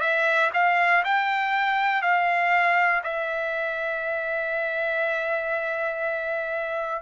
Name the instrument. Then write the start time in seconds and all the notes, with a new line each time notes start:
trumpet
0.00 E5
0.53 F5
1.04 G5
2.02 F5
3.04 E5